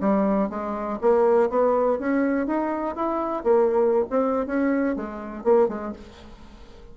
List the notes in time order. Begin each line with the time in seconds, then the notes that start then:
0.00 G3
0.49 G#3
1.01 A#3
1.49 B3
1.99 C#4
2.47 D#4
2.95 E4
3.43 A#3
4.10 C4
4.46 C#4
4.96 G#3
5.44 A#3
5.68 G#3